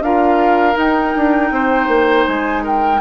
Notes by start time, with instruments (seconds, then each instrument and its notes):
0.00 bassoon D4, clarinet F4, oboe A#4, flute F5
0.73 clarinet D#4, bassoon D#4, flute G5
1.16 bassoon D4
1.51 bassoon C4, oboe C5
1.87 bassoon A#3
2.25 bassoon G#3, flute G#5
2.63 oboe A#4, flute G5